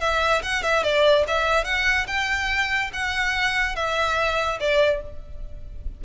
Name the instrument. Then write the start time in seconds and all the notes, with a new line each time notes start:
violin
0.00 E5
0.42 F#5
0.62 E5
0.83 D5
1.27 E5
1.64 F#5
2.07 G5
2.93 F#5
3.75 E5
4.59 D5